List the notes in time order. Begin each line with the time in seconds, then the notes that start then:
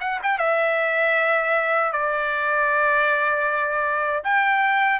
0.00 F#5
0.23 G5
0.38 E5
1.92 D5
4.24 G5